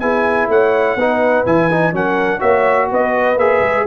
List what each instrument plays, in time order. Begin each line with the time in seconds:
0.00 tuba B3, trombone E4, horn G#4, trumpet G#5
0.48 tuba A3, horn C#5, trumpet F#5
0.96 tuba B3, trombone D#4, horn B4
1.46 tuba E3, trombone E4, trumpet G#5
1.71 trombone D#4
1.93 tuba F#3, trombone C#4, horn A#4, trumpet F#5
2.39 tuba A#3, trombone F#4, horn C#5, trumpet E5
2.90 tuba B3, horn B4, trumpet D#5
3.37 tuba A#3, trombone G#4, trumpet E5
3.61 tuba G#3